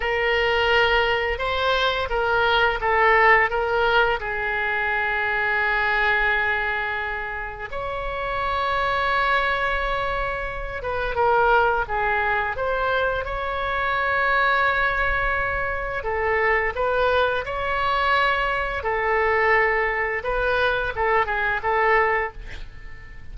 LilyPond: \new Staff \with { instrumentName = "oboe" } { \time 4/4 \tempo 4 = 86 ais'2 c''4 ais'4 | a'4 ais'4 gis'2~ | gis'2. cis''4~ | cis''2.~ cis''8 b'8 |
ais'4 gis'4 c''4 cis''4~ | cis''2. a'4 | b'4 cis''2 a'4~ | a'4 b'4 a'8 gis'8 a'4 | }